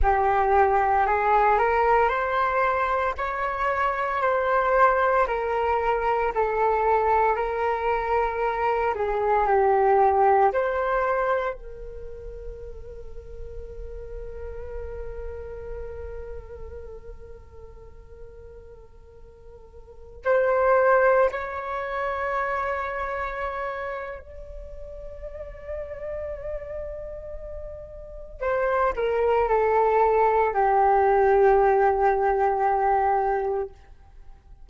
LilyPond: \new Staff \with { instrumentName = "flute" } { \time 4/4 \tempo 4 = 57 g'4 gis'8 ais'8 c''4 cis''4 | c''4 ais'4 a'4 ais'4~ | ais'8 gis'8 g'4 c''4 ais'4~ | ais'1~ |
ais'2.~ ais'16 c''8.~ | c''16 cis''2~ cis''8. d''4~ | d''2. c''8 ais'8 | a'4 g'2. | }